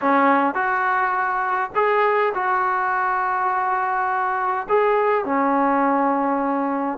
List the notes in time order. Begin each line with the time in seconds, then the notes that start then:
0.01 C#4
0.54 F#4
1.75 G#4
2.34 F#4
4.68 G#4
5.24 C#4